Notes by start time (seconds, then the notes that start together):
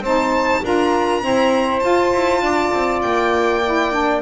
0.00 C4 D#4 C5 A5
0.63 D4 F4 A#4 A#5
1.21 C4 E4 C5
1.79 F4 A5
2.14 E4
2.41 D4 D5
2.74 C4
3.02 A#3 G5
3.65 E4
3.92 D4